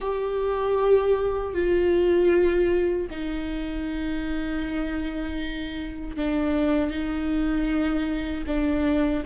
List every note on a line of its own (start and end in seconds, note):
0.00 1.53 G4
1.53 3.07 F4
3.10 6.16 D#4
6.16 6.90 D4
6.90 8.44 D#4
8.47 9.23 D4